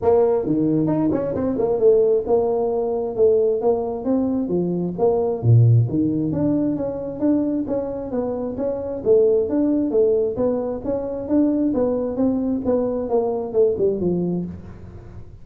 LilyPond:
\new Staff \with { instrumentName = "tuba" } { \time 4/4 \tempo 4 = 133 ais4 dis4 dis'8 cis'8 c'8 ais8 | a4 ais2 a4 | ais4 c'4 f4 ais4 | ais,4 dis4 d'4 cis'4 |
d'4 cis'4 b4 cis'4 | a4 d'4 a4 b4 | cis'4 d'4 b4 c'4 | b4 ais4 a8 g8 f4 | }